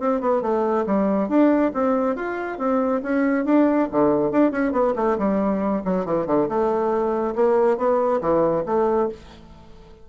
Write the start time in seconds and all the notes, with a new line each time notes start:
0.00 C4
0.21 B3
0.42 A3
0.86 G3
1.29 D4
1.74 C4
2.16 F4
2.58 C4
3.03 C#4
3.46 D4
3.92 D3
4.32 D4
4.52 C#4
4.73 B3
4.96 A3
5.19 G3
5.85 F#3
6.06 E3
6.27 D3
6.49 A3
7.36 A#3
7.78 B3
8.21 E3
8.66 A3